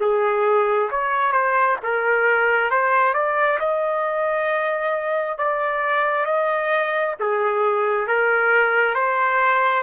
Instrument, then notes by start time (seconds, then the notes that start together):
trumpet
0.00 G#4
0.90 C#5
1.32 C5
1.83 A#4
2.70 C5
3.13 D5
3.59 D#5
5.38 D5
6.25 D#5
7.19 G#4
8.07 A#4
8.94 C5